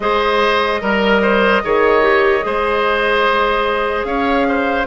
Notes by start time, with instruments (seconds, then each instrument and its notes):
0.00 bassoon G#3, clarinet G#4, oboe C5, flute D#5
0.81 bassoon G3, oboe A#4, clarinet A#4
1.22 oboe C5
1.64 bassoon D#3, clarinet G#4, oboe C#5
2.02 clarinet G4
2.40 bassoon G#3, clarinet G#4, oboe C5
4.04 bassoon C#4, oboe C#5, flute F5
4.48 oboe C5